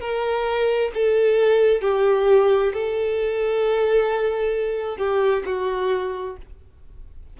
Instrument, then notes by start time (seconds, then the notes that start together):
violin
0.00 A#4
0.94 A4
1.81 G4
2.73 A4
4.98 G4
5.45 F#4